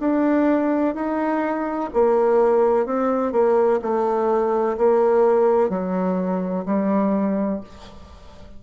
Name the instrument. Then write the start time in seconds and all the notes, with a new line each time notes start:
bassoon
0.00 D4
0.94 D#4
1.94 A#3
2.86 C4
3.32 A#3
3.82 A3
4.77 A#3
5.70 F#3
6.65 G3